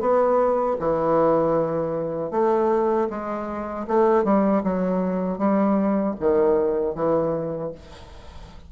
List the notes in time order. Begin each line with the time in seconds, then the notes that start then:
0.00 B3
0.80 E3
2.31 A3
3.10 G#3
3.87 A3
4.24 G3
4.64 F#3
5.38 G3
6.20 D#3
6.95 E3